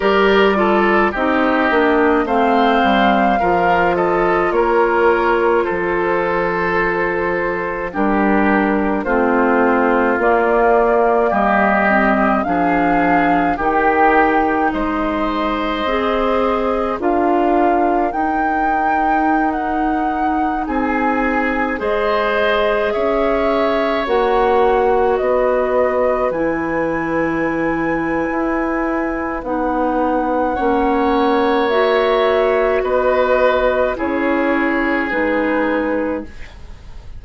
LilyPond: <<
  \new Staff \with { instrumentName = "flute" } { \time 4/4 \tempo 4 = 53 d''4 dis''4 f''4. dis''8 | cis''4 c''2 ais'4 | c''4 d''4 dis''4 f''4 | g''4 dis''2 f''4 |
g''4~ g''16 fis''4 gis''4 dis''8.~ | dis''16 e''4 fis''4 dis''4 gis''8.~ | gis''2 fis''2 | e''4 dis''4 cis''4 b'4 | }
  \new Staff \with { instrumentName = "oboe" } { \time 4/4 ais'8 a'8 g'4 c''4 ais'8 a'8 | ais'4 a'2 g'4 | f'2 g'4 gis'4 | g'4 c''2 ais'4~ |
ais'2~ ais'16 gis'4 c''8.~ | c''16 cis''2 b'4.~ b'16~ | b'2. cis''4~ | cis''4 b'4 gis'2 | }
  \new Staff \with { instrumentName = "clarinet" } { \time 4/4 g'8 f'8 dis'8 d'8 c'4 f'4~ | f'2. d'4 | c'4 ais4. c'8 d'4 | dis'2 gis'4 f'4 |
dis'2.~ dis'16 gis'8.~ | gis'4~ gis'16 fis'2 e'8.~ | e'2 dis'4 cis'4 | fis'2 e'4 dis'4 | }
  \new Staff \with { instrumentName = "bassoon" } { \time 4/4 g4 c'8 ais8 a8 g8 f4 | ais4 f2 g4 | a4 ais4 g4 f4 | dis4 gis4 c'4 d'4 |
dis'2~ dis'16 c'4 gis8.~ | gis16 cis'4 ais4 b4 e8.~ | e4 e'4 b4 ais4~ | ais4 b4 cis'4 gis4 | }
>>